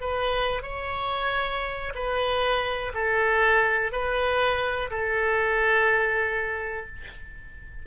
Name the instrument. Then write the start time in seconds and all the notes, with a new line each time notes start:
oboe
0.00 B4
0.62 C#5
1.94 B4
2.94 A4
3.92 B4
4.90 A4